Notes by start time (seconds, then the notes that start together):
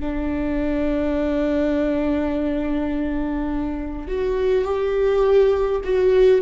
0.00 D4
4.08 F#4
4.64 G4
5.84 F#4